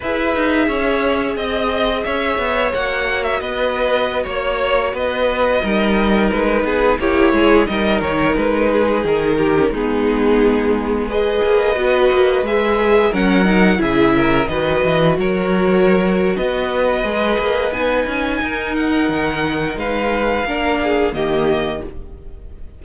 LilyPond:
<<
  \new Staff \with { instrumentName = "violin" } { \time 4/4 \tempo 4 = 88 e''2 dis''4 e''4 | fis''8. e''16 dis''4~ dis''16 cis''4 dis''8.~ | dis''4~ dis''16 b'4 cis''4 dis''8 cis''16~ | cis''16 b'4 ais'4 gis'4.~ gis'16~ |
gis'16 dis''2 e''4 fis''8.~ | fis''16 e''4 dis''4 cis''4.~ cis''16 | dis''2 gis''4. fis''8~ | fis''4 f''2 dis''4 | }
  \new Staff \with { instrumentName = "violin" } { \time 4/4 b'4 cis''4 dis''4 cis''4~ | cis''4 b'4~ b'16 cis''4 b'8.~ | b'16 ais'4. gis'8 g'8 gis'8 ais'8.~ | ais'8. gis'4 g'8 dis'4.~ dis'16~ |
dis'16 b'2. ais'8.~ | ais'16 gis'8 ais'8 b'4 ais'4.~ ais'16 | b'2. ais'4~ | ais'4 b'4 ais'8 gis'8 g'4 | }
  \new Staff \with { instrumentName = "viola" } { \time 4/4 gis'1 | fis'1~ | fis'16 dis'2 e'4 dis'8.~ | dis'2 cis'16 b4.~ b16~ |
b16 gis'4 fis'4 gis'4 cis'8 dis'16~ | dis'16 e'4 fis'2~ fis'8.~ | fis'4 gis'4 dis'2~ | dis'2 d'4 ais4 | }
  \new Staff \with { instrumentName = "cello" } { \time 4/4 e'8 dis'8 cis'4 c'4 cis'8 b8 | ais4 b4~ b16 ais4 b8.~ | b16 g4 gis8 b8 ais8 gis8 g8 dis16~ | dis16 gis4 dis4 gis4.~ gis16~ |
gis8. ais8 b8 ais8 gis4 fis8.~ | fis16 cis4 dis8 e8 fis4.~ fis16 | b4 gis8 ais8 b8 cis'8 dis'4 | dis4 gis4 ais4 dis4 | }
>>